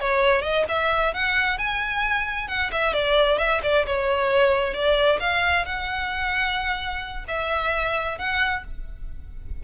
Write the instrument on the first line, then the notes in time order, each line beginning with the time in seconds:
violin
0.00 C#5
0.42 D#5
0.69 E5
1.14 F#5
1.58 G#5
2.48 F#5
2.72 E5
2.94 D5
3.38 E5
3.63 D5
3.86 C#5
4.74 D5
5.20 F5
5.65 F#5
7.28 E5
8.18 F#5